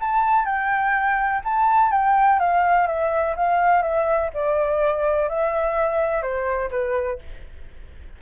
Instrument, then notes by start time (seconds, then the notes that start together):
flute
0.00 A5
0.45 G5
1.44 A5
1.92 G5
2.40 F5
2.87 E5
3.36 F5
3.82 E5
4.34 D5
5.29 E5
6.22 C5
6.71 B4